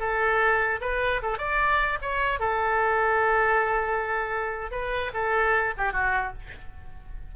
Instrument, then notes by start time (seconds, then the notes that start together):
oboe
0.00 A4
0.81 B4
1.23 A4
1.39 D5
2.02 C#5
2.40 A4
4.72 B4
5.14 A4
5.78 G4
5.93 F#4